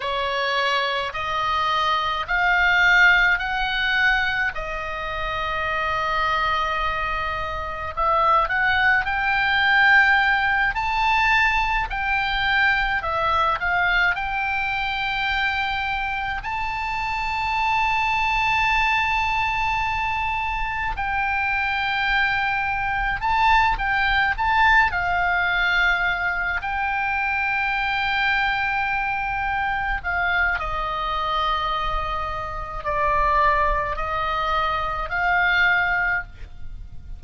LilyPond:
\new Staff \with { instrumentName = "oboe" } { \time 4/4 \tempo 4 = 53 cis''4 dis''4 f''4 fis''4 | dis''2. e''8 fis''8 | g''4. a''4 g''4 e''8 | f''8 g''2 a''4.~ |
a''2~ a''8 g''4.~ | g''8 a''8 g''8 a''8 f''4. g''8~ | g''2~ g''8 f''8 dis''4~ | dis''4 d''4 dis''4 f''4 | }